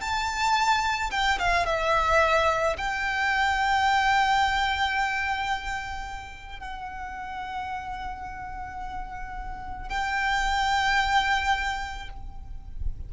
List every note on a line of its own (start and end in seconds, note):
0.00 1.10 A5
1.11 1.38 G5
1.39 1.66 F5
1.66 2.76 E5
2.77 6.59 G5
6.59 9.89 F#5
9.89 12.09 G5